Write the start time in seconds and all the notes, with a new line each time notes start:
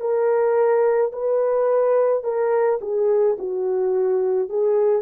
0.00 A#4
1.12 B4
2.23 A#4
2.81 G#4
3.38 F#4
4.49 G#4